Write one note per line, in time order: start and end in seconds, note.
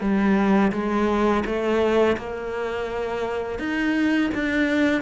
0.00 0.71 G3
0.72 1.44 G#3
1.45 2.16 A3
2.17 3.59 A#3
3.59 4.30 D#4
4.34 5.02 D4